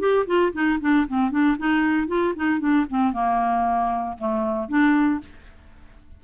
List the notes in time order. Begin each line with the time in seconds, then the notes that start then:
0.00 G4
0.27 F4
0.53 D#4
0.81 D4
1.08 C4
1.31 D4
1.58 D#4
2.08 F4
2.36 D#4
2.60 D4
2.90 C4
3.13 A#3
4.18 A3
4.69 D4